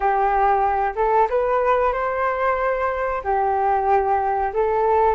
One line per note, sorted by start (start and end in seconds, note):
0.00 0.94 G4
0.95 1.27 A4
1.29 1.92 B4
1.92 3.21 C5
3.23 4.52 G4
4.53 5.14 A4